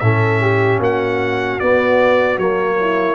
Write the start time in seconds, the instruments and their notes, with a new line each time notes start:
0.00 tuba A2, trombone C#4, horn A4, trumpet E5
0.41 horn G4
0.79 tuba A#3, horn F#4, trumpet F#5
1.60 trombone B3, tuba B3, trumpet D5
2.38 tuba F#3, trombone A#3, trumpet C#5
2.80 horn E4